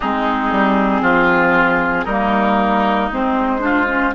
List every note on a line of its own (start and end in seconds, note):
0.00 0.51 G#3
0.00 2.09 C4
0.00 1.02 D#4
0.00 2.05 G#4
0.51 1.01 G3
1.01 2.05 F3
1.01 2.05 F4
2.05 3.09 G3
2.05 3.12 A#3
2.05 3.60 D#4
2.05 3.08 A#4
3.12 4.14 G#3
3.12 3.59 C4
3.12 4.14 C5
3.59 3.85 D4
3.59 4.14 F4
3.86 4.12 C#4